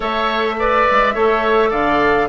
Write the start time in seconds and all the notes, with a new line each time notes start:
0.00 A3 A4 C#5 E5
0.59 B4 D5
0.90 G#3
1.14 A3 A4 C#5
1.70 D3 D5 F5